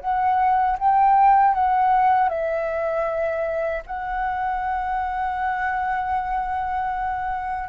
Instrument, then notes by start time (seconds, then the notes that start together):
flute
0.00 F#5
0.78 G5
1.54 F#5
2.29 E5
3.86 F#5